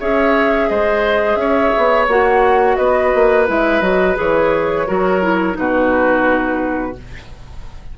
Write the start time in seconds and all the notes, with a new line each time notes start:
0.00 C#4 G#4 C#5 E5
0.69 G#3 C5 D#5
1.36 C#4 C#5 E5
1.78 B3
2.08 A#3 F#4 F#5
2.77 B3 B4 D#5
3.15 A#3
3.48 G#3 E4 E5
3.81 F#3 F#4 D#5
4.16 E3 G#4 C#5
4.87 F#3 F#4 A#4
5.22 E4
5.54 B2 D#4 F#4 B4